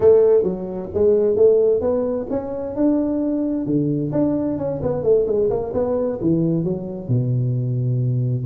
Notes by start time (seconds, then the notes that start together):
0.00 A3
0.43 F#3
0.93 G#3
1.36 A3
1.80 B3
2.30 C#4
2.75 D4
3.65 D3
4.12 D4
4.58 C#4
4.82 B3
5.03 A3
5.26 G#3
5.50 A#3
5.73 B3
6.21 E3
6.63 F#3
7.08 B2